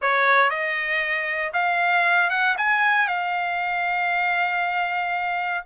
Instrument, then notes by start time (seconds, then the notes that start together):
trumpet
0.01 C#5
0.50 D#5
1.53 F5
2.30 F#5
2.57 G#5
3.07 F5